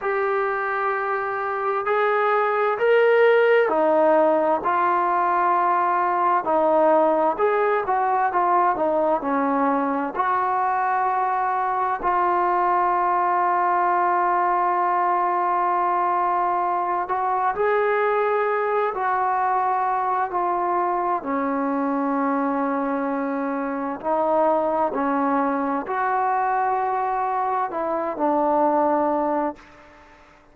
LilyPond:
\new Staff \with { instrumentName = "trombone" } { \time 4/4 \tempo 4 = 65 g'2 gis'4 ais'4 | dis'4 f'2 dis'4 | gis'8 fis'8 f'8 dis'8 cis'4 fis'4~ | fis'4 f'2.~ |
f'2~ f'8 fis'8 gis'4~ | gis'8 fis'4. f'4 cis'4~ | cis'2 dis'4 cis'4 | fis'2 e'8 d'4. | }